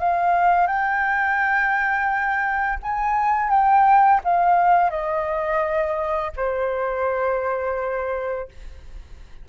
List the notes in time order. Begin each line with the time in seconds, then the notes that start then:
0.00 F5
0.68 G5
2.83 G#5
3.50 G5
4.25 F5
4.91 D#5
6.37 C5